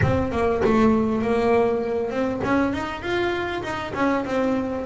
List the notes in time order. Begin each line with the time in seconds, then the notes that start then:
0.02 C4
0.31 A#3
0.64 A3
1.21 A#3
2.10 C4
2.44 C#4
2.73 D#4
3.01 F4
3.62 D#4
3.94 C#4
4.25 C4